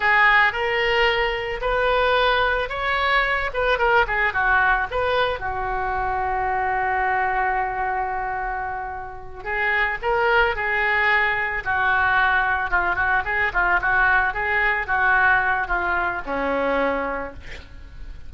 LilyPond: \new Staff \with { instrumentName = "oboe" } { \time 4/4 \tempo 4 = 111 gis'4 ais'2 b'4~ | b'4 cis''4. b'8 ais'8 gis'8 | fis'4 b'4 fis'2~ | fis'1~ |
fis'4. gis'4 ais'4 gis'8~ | gis'4. fis'2 f'8 | fis'8 gis'8 f'8 fis'4 gis'4 fis'8~ | fis'4 f'4 cis'2 | }